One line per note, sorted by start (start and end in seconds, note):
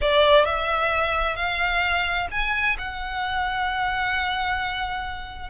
0.01 0.45 D5
0.45 1.35 E5
1.35 2.27 F5
2.31 2.76 G#5
2.78 5.49 F#5